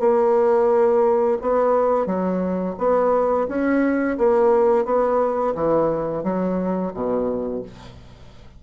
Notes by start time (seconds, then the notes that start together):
0.00 A#3
1.42 B3
2.06 F#3
2.79 B3
3.49 C#4
4.18 A#3
4.85 B3
5.55 E3
6.24 F#3
6.94 B2